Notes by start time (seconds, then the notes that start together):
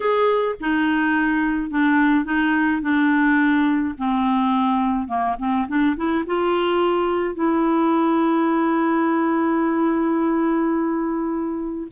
0.00 G#4
0.60 D#4
1.70 D4
2.24 D#4
2.81 D4
3.98 C4
5.07 A#3
5.38 C4
5.68 D4
5.96 E4
6.26 F4
7.34 E4